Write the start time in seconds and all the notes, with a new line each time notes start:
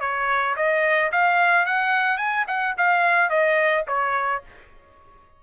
0.00 C#5
0.56 D#5
1.11 F5
1.65 F#5
2.17 G#5
2.47 F#5
2.77 F5
3.30 D#5
3.87 C#5